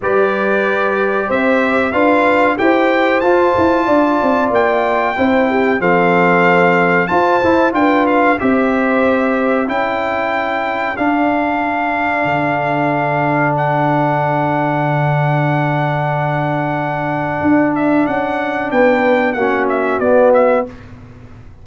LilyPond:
<<
  \new Staff \with { instrumentName = "trumpet" } { \time 4/4 \tempo 4 = 93 d''2 e''4 f''4 | g''4 a''2 g''4~ | g''4 f''2 a''4 | g''8 f''8 e''2 g''4~ |
g''4 f''2.~ | f''4 fis''2.~ | fis''2.~ fis''8 e''8 | fis''4 g''4 fis''8 e''8 d''8 e''8 | }
  \new Staff \with { instrumentName = "horn" } { \time 4/4 b'2 c''4 b'4 | c''2 d''2 | c''8 g'8 a'2 c''4 | b'4 c''2 a'4~ |
a'1~ | a'1~ | a'1~ | a'4 b'4 fis'2 | }
  \new Staff \with { instrumentName = "trombone" } { \time 4/4 g'2. f'4 | g'4 f'2. | e'4 c'2 f'8 e'8 | f'4 g'2 e'4~ |
e'4 d'2.~ | d'1~ | d'1~ | d'2 cis'4 b4 | }
  \new Staff \with { instrumentName = "tuba" } { \time 4/4 g2 c'4 d'4 | e'4 f'8 e'8 d'8 c'8 ais4 | c'4 f2 f'8 e'8 | d'4 c'2 cis'4~ |
cis'4 d'2 d4~ | d1~ | d2. d'4 | cis'4 b4 ais4 b4 | }
>>